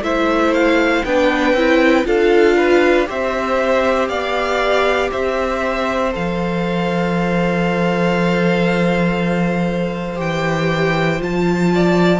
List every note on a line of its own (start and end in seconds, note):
0.00 1.02 A3
0.00 1.04 E4
0.00 1.05 C5
0.00 0.53 E5
0.53 1.04 F5
1.04 1.53 B3
1.04 1.57 D4
1.04 2.06 B4
1.04 2.06 G5
1.53 2.03 C4
1.53 2.04 E4
2.04 3.07 D4
2.04 3.06 F4
2.04 2.57 A4
2.04 3.08 F5
2.57 3.07 B4
3.06 4.08 C4
3.06 6.11 G4
3.06 4.08 C5
3.06 4.08 E5
4.08 5.10 B3
4.08 5.10 D5
4.08 5.10 F5
5.10 6.14 C4
5.10 11.71 C5
5.10 6.13 E5
6.11 10.19 F3
6.11 10.16 A4
6.11 10.19 F5
10.16 11.20 E3
10.16 11.17 G4
10.16 11.21 G5
11.18 12.20 F3
11.18 12.20 F4
11.18 12.20 A5
11.74 12.20 D5